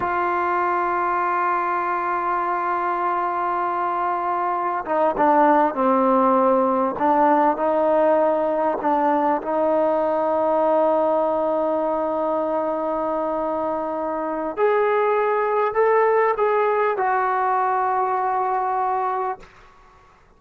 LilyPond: \new Staff \with { instrumentName = "trombone" } { \time 4/4 \tempo 4 = 99 f'1~ | f'1 | dis'8 d'4 c'2 d'8~ | d'8 dis'2 d'4 dis'8~ |
dis'1~ | dis'1 | gis'2 a'4 gis'4 | fis'1 | }